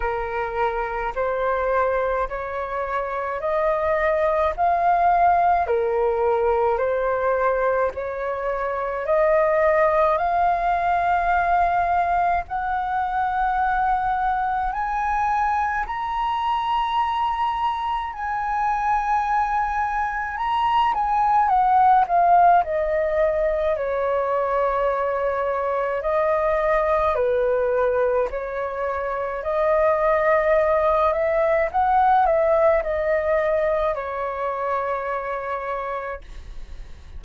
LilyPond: \new Staff \with { instrumentName = "flute" } { \time 4/4 \tempo 4 = 53 ais'4 c''4 cis''4 dis''4 | f''4 ais'4 c''4 cis''4 | dis''4 f''2 fis''4~ | fis''4 gis''4 ais''2 |
gis''2 ais''8 gis''8 fis''8 f''8 | dis''4 cis''2 dis''4 | b'4 cis''4 dis''4. e''8 | fis''8 e''8 dis''4 cis''2 | }